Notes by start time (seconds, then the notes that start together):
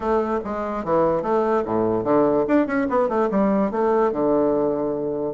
0.00 A3
0.44 G#3
0.84 E3
1.22 A3
1.65 A2
2.04 D3
2.47 D4
2.66 C#4
2.89 B3
3.08 A3
3.30 G3
3.71 A3
4.12 D3